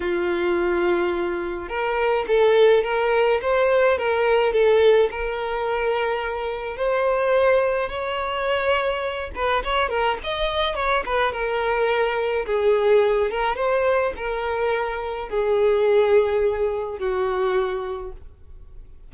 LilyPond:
\new Staff \with { instrumentName = "violin" } { \time 4/4 \tempo 4 = 106 f'2. ais'4 | a'4 ais'4 c''4 ais'4 | a'4 ais'2. | c''2 cis''2~ |
cis''8 b'8 cis''8 ais'8 dis''4 cis''8 b'8 | ais'2 gis'4. ais'8 | c''4 ais'2 gis'4~ | gis'2 fis'2 | }